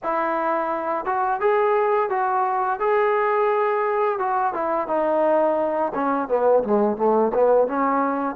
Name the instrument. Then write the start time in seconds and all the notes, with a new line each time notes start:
trombone
0.03 E4
1.05 F#4
1.40 G#4
2.09 F#4
2.79 G#4
4.19 F#4
4.53 E4
4.87 D#4
5.94 C#4
6.28 B3
6.63 G#3
6.97 A3
7.34 B3
7.67 C#4